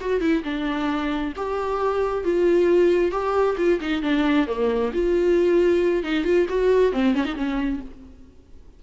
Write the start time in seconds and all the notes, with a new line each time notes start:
0.00 F#4
0.20 E4
0.44 D4
1.36 G4
2.24 F4
3.11 G4
3.57 F4
3.81 D#4
4.02 D4
4.47 A#3
4.93 F4
6.03 D#4
6.24 F4
6.49 F#4
6.92 C4
7.14 C#4
7.25 D#4
7.35 C#4